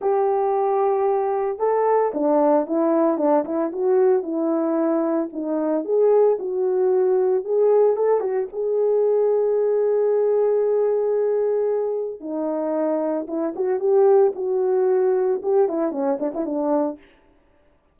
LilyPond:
\new Staff \with { instrumentName = "horn" } { \time 4/4 \tempo 4 = 113 g'2. a'4 | d'4 e'4 d'8 e'8 fis'4 | e'2 dis'4 gis'4 | fis'2 gis'4 a'8 fis'8 |
gis'1~ | gis'2. dis'4~ | dis'4 e'8 fis'8 g'4 fis'4~ | fis'4 g'8 e'8 cis'8 d'16 e'16 d'4 | }